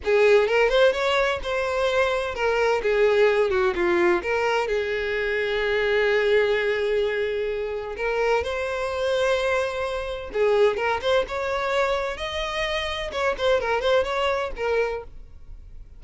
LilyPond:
\new Staff \with { instrumentName = "violin" } { \time 4/4 \tempo 4 = 128 gis'4 ais'8 c''8 cis''4 c''4~ | c''4 ais'4 gis'4. fis'8 | f'4 ais'4 gis'2~ | gis'1~ |
gis'4 ais'4 c''2~ | c''2 gis'4 ais'8 c''8 | cis''2 dis''2 | cis''8 c''8 ais'8 c''8 cis''4 ais'4 | }